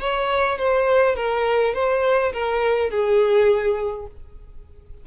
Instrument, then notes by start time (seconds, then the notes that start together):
violin
0.00 C#5
0.58 C5
1.16 A#4
1.74 C5
2.33 A#4
2.90 G#4